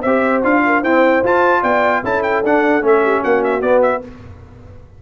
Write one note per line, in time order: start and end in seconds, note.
0.00 0.43 C4
0.00 0.43 G4
0.00 0.60 C5
0.00 0.42 E5
0.43 0.83 D4
0.43 0.83 F4
0.43 0.83 F5
0.66 0.81 A#4
0.81 1.24 C4
0.81 1.23 E4
0.81 1.61 C5
0.81 1.23 G5
1.23 1.63 F4
1.23 2.04 F4
1.23 1.62 A5
1.61 2.03 B3
1.61 2.01 D5
1.61 2.02 G5
2.03 2.43 C#4
2.03 2.44 E4
2.03 3.03 A4
2.03 2.22 A5
2.22 2.42 G5
2.43 2.81 D4
2.43 2.85 F#5
2.81 3.21 A3
2.81 3.61 C#4
2.81 3.23 E5
3.03 3.20 G4
3.20 3.62 A#3
3.20 4.00 F#4
3.20 3.43 F#5
3.43 3.61 E5
3.61 4.01 B3
3.61 4.02 B3
3.61 3.81 D5
3.82 4.02 E5